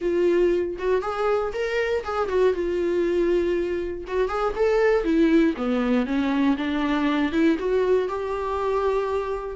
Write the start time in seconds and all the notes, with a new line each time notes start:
0.01 F4
0.78 F#4
1.01 G#4
1.53 A#4
2.04 G#4
2.28 F#4
2.53 F4
4.07 F#4
4.28 G#4
4.55 A4
5.04 E4
5.56 B3
6.05 C#4
6.57 D4
7.32 E4
7.59 F#4
8.08 G4